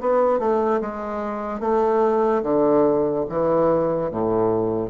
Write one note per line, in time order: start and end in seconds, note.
0.00 0.39 B3
0.39 0.80 A3
0.81 1.60 G#3
1.60 2.42 A3
2.42 3.25 D3
3.29 4.11 E3
4.11 4.89 A2